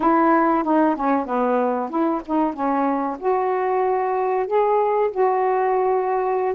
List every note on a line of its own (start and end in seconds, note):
0.00 0.63 E4
0.63 0.95 D#4
0.95 1.26 C#4
1.26 1.89 B3
1.89 2.21 E4
2.25 2.53 D#4
2.53 3.17 C#4
3.19 4.46 F#4
4.47 5.10 G#4
5.11 6.54 F#4